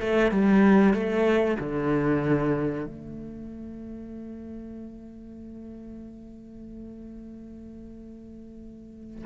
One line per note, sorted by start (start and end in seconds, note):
0.00 0.31 A3
0.31 0.94 G3
0.94 1.58 A3
1.60 2.86 D3
2.86 9.25 A3